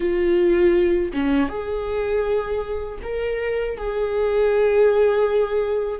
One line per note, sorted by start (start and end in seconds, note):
0.00 1.12 F4
1.12 1.48 C#4
1.48 2.98 G#4
3.02 3.77 A#4
3.77 5.99 G#4